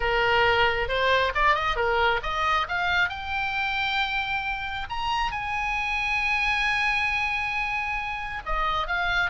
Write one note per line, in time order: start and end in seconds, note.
0.00 0.88 A#4
0.88 1.32 C5
1.34 1.55 D5
1.55 1.76 D#5
1.76 2.20 A#4
2.22 2.67 D#5
2.68 3.09 F5
3.09 4.87 G5
4.89 5.31 A#5
5.31 8.42 G#5
8.45 8.87 D#5
8.87 9.30 F5